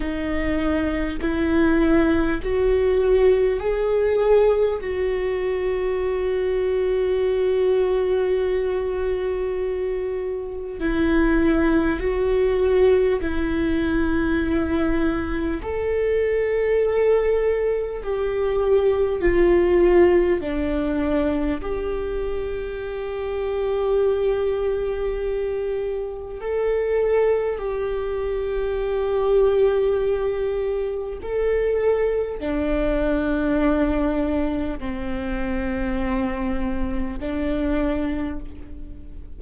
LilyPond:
\new Staff \with { instrumentName = "viola" } { \time 4/4 \tempo 4 = 50 dis'4 e'4 fis'4 gis'4 | fis'1~ | fis'4 e'4 fis'4 e'4~ | e'4 a'2 g'4 |
f'4 d'4 g'2~ | g'2 a'4 g'4~ | g'2 a'4 d'4~ | d'4 c'2 d'4 | }